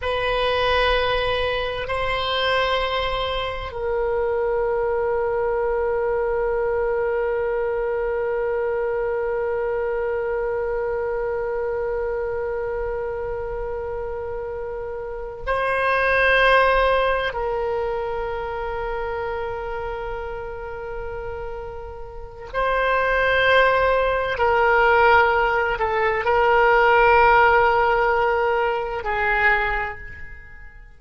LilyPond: \new Staff \with { instrumentName = "oboe" } { \time 4/4 \tempo 4 = 64 b'2 c''2 | ais'1~ | ais'1~ | ais'1~ |
ais'8 c''2 ais'4.~ | ais'1 | c''2 ais'4. a'8 | ais'2. gis'4 | }